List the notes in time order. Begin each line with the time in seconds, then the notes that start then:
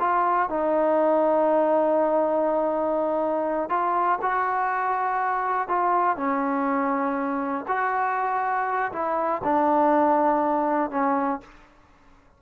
0.00 F4
0.50 D#4
3.70 F4
4.22 F#4
5.69 F4
6.17 C#4
7.68 F#4
8.93 E4
9.44 D4
10.91 C#4